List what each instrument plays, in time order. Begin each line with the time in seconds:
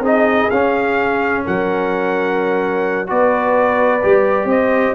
0.00 tuba C4, trombone D#4, horn G#4, trumpet D#5
0.50 tuba C#4, trombone C#4, trumpet F5
1.45 tuba F#3, horn A#4, trumpet F#5
3.07 tuba B3, trombone F#4, horn B4, trumpet D5
4.02 tuba G3, trombone G4
4.44 tuba C4, horn C5, trumpet D#5